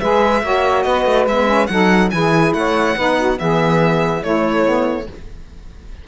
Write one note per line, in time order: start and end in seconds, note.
0.00 0.43 G#3
0.00 0.43 G#4
0.00 0.43 B4
0.00 0.83 E5
0.43 0.85 A#3
0.43 1.28 F#4
0.43 0.85 C#5
0.83 1.06 B3
0.83 1.69 B4
0.83 1.25 D#5
1.06 1.26 A3
1.26 1.68 G#3
1.26 1.47 B3
1.26 1.67 E5
1.47 1.68 C#4
1.67 2.12 F#3
1.67 2.11 D#4
1.67 2.12 A4
1.67 2.09 F#5
2.11 2.53 E3
2.11 2.95 E4
2.11 2.56 G#4
2.11 2.53 G#5
2.53 2.95 A3
2.53 2.96 C#5
2.53 3.38 F#5
2.96 3.39 B3
2.96 3.38 D#4
2.96 3.17 B4
3.17 3.38 F#4
3.38 4.23 E3
3.38 4.22 B3
3.38 4.22 G#4
3.38 4.23 E5
4.22 4.65 A3
4.22 5.07 A3
4.22 5.07 E4
4.22 5.07 C#5
4.65 5.07 B3